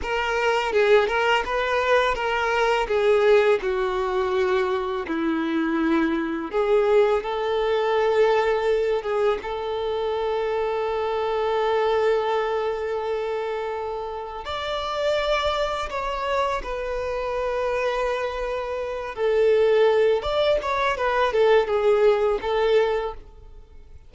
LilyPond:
\new Staff \with { instrumentName = "violin" } { \time 4/4 \tempo 4 = 83 ais'4 gis'8 ais'8 b'4 ais'4 | gis'4 fis'2 e'4~ | e'4 gis'4 a'2~ | a'8 gis'8 a'2.~ |
a'1 | d''2 cis''4 b'4~ | b'2~ b'8 a'4. | d''8 cis''8 b'8 a'8 gis'4 a'4 | }